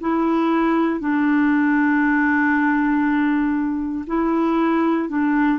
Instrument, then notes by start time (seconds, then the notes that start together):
clarinet
0.00 E4
1.00 D4
4.07 E4
5.08 D4